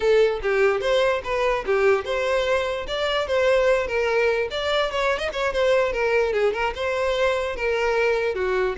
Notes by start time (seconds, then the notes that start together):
0.00 A4
0.42 G4
0.80 C5
1.24 B4
1.65 G4
2.04 C5
2.87 D5
3.27 C5
3.87 A#4
4.50 D5
4.91 C#5
5.18 D#5
5.32 C#5
5.53 C5
5.92 A#4
6.32 G#4
6.53 A#4
6.75 C5
7.55 A#4
8.35 F#4